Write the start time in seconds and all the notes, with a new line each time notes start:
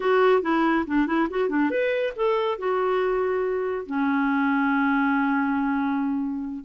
0.00 F#4
0.42 E4
0.86 D4
1.06 E4
1.30 F#4
1.49 D4
1.70 B4
2.16 A4
2.58 F#4
3.86 C#4